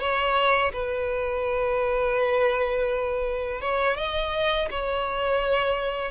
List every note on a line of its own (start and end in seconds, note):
0.00 0.72 C#5
0.73 3.61 B4
3.61 3.97 C#5
3.97 4.69 D#5
4.71 6.12 C#5